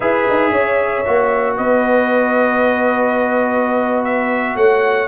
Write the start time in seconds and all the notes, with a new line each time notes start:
0.00 E4 G#4 B4 E5
0.29 D#4
0.51 C#4 C#5
1.06 A#3 F#4
1.56 B3 B4 D#5
4.04 E5
4.55 A3 C#5 F#5